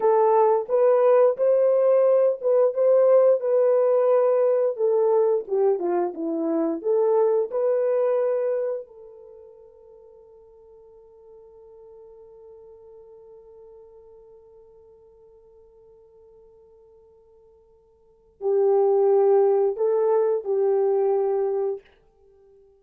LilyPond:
\new Staff \with { instrumentName = "horn" } { \time 4/4 \tempo 4 = 88 a'4 b'4 c''4. b'8 | c''4 b'2 a'4 | g'8 f'8 e'4 a'4 b'4~ | b'4 a'2.~ |
a'1~ | a'1~ | a'2. g'4~ | g'4 a'4 g'2 | }